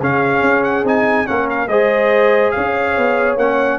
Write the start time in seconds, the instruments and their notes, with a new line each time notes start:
0.00 tuba C#3, trombone C#4, horn G#4, trumpet F5
0.42 tuba C#4
0.64 trumpet F#5
0.84 tuba C4, trombone D#4, trumpet G#5
1.27 tuba A#3, trombone C#4, horn A#4, trumpet F#5
1.50 trumpet F5
1.68 tuba G#3, trombone G#4, horn C5, trumpet D#5
2.52 tuba C#4, horn C#5, trumpet F5
2.97 tuba B3
3.37 tuba A#3, trombone C#4, trumpet F#5